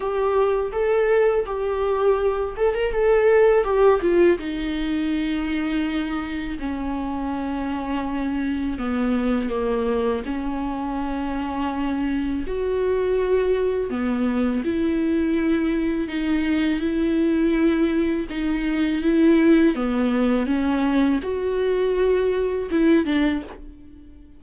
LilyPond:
\new Staff \with { instrumentName = "viola" } { \time 4/4 \tempo 4 = 82 g'4 a'4 g'4. a'16 ais'16 | a'4 g'8 f'8 dis'2~ | dis'4 cis'2. | b4 ais4 cis'2~ |
cis'4 fis'2 b4 | e'2 dis'4 e'4~ | e'4 dis'4 e'4 b4 | cis'4 fis'2 e'8 d'8 | }